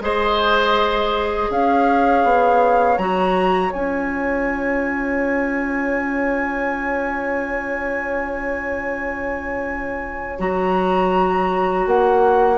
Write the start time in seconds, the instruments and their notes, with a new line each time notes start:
0.00 bassoon G#3, clarinet G#4, oboe C5, flute D#5
1.50 bassoon C#4, oboe C#5, flute F5
2.24 bassoon B3
2.98 bassoon F#3, clarinet F#4, flute A#5
3.71 bassoon C#4, clarinet F4, flute G#5
10.38 bassoon F#3, clarinet F#4, flute A#5
11.86 bassoon A#3, flute F#5